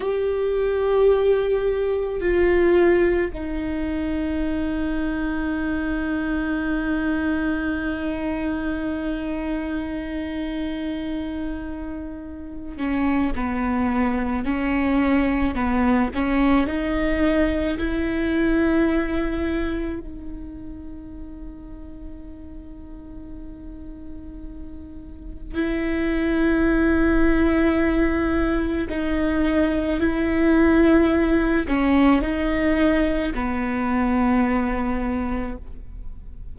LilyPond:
\new Staff \with { instrumentName = "viola" } { \time 4/4 \tempo 4 = 54 g'2 f'4 dis'4~ | dis'1~ | dis'2.~ dis'8 cis'8 | b4 cis'4 b8 cis'8 dis'4 |
e'2 dis'2~ | dis'2. e'4~ | e'2 dis'4 e'4~ | e'8 cis'8 dis'4 b2 | }